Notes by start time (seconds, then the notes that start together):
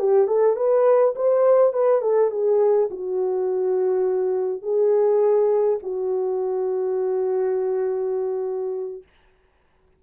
0.00 G4
0.28 A4
0.56 B4
1.16 C5
1.73 B4
2.02 A4
2.31 G#4
2.91 F#4
4.63 G#4
5.83 F#4